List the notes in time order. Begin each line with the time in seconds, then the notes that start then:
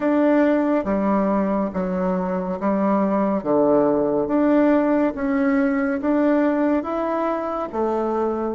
0.00 D4
0.84 G3
1.73 F#3
2.59 G3
3.43 D3
4.27 D4
5.14 C#4
6.00 D4
6.83 E4
7.72 A3